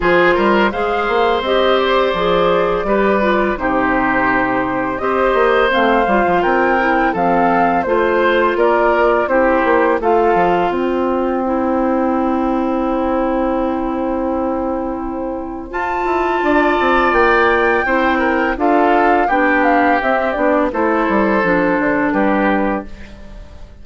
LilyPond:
<<
  \new Staff \with { instrumentName = "flute" } { \time 4/4 \tempo 4 = 84 c''4 f''4 dis''8 d''4.~ | d''4 c''2 dis''4 | f''4 g''4 f''4 c''4 | d''4 c''4 f''4 g''4~ |
g''1~ | g''2 a''2 | g''2 f''4 g''8 f''8 | e''8 d''8 c''2 b'4 | }
  \new Staff \with { instrumentName = "oboe" } { \time 4/4 gis'8 ais'8 c''2. | b'4 g'2 c''4~ | c''4 ais'4 a'4 c''4 | ais'4 g'4 a'4 c''4~ |
c''1~ | c''2. d''4~ | d''4 c''8 ais'8 a'4 g'4~ | g'4 a'2 g'4 | }
  \new Staff \with { instrumentName = "clarinet" } { \time 4/4 f'4 gis'4 g'4 gis'4 | g'8 f'8 dis'2 g'4 | c'8 f'4 e'8 c'4 f'4~ | f'4 e'4 f'2 |
e'1~ | e'2 f'2~ | f'4 e'4 f'4 d'4 | c'8 d'8 e'4 d'2 | }
  \new Staff \with { instrumentName = "bassoon" } { \time 4/4 f8 g8 gis8 ais8 c'4 f4 | g4 c2 c'8 ais8 | a8 g16 f16 c'4 f4 a4 | ais4 c'8 ais8 a8 f8 c'4~ |
c'1~ | c'2 f'8 e'8 d'8 c'8 | ais4 c'4 d'4 b4 | c'8 b8 a8 g8 f8 d8 g4 | }
>>